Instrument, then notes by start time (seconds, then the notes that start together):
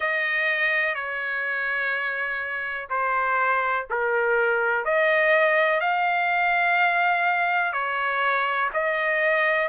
trumpet
0.00 D#5
0.94 C#5
2.89 C5
3.90 A#4
4.84 D#5
5.80 F5
7.72 C#5
8.73 D#5